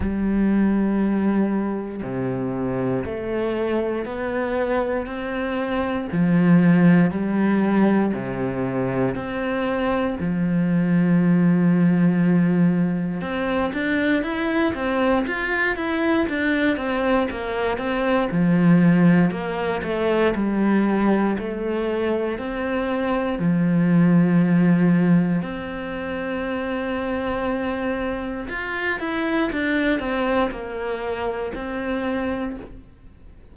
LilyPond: \new Staff \with { instrumentName = "cello" } { \time 4/4 \tempo 4 = 59 g2 c4 a4 | b4 c'4 f4 g4 | c4 c'4 f2~ | f4 c'8 d'8 e'8 c'8 f'8 e'8 |
d'8 c'8 ais8 c'8 f4 ais8 a8 | g4 a4 c'4 f4~ | f4 c'2. | f'8 e'8 d'8 c'8 ais4 c'4 | }